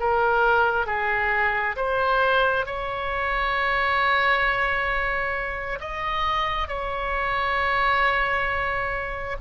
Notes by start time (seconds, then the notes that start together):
0.00 A#4
0.87 G#4
1.77 C5
2.66 C#5
5.80 D#5
6.68 C#5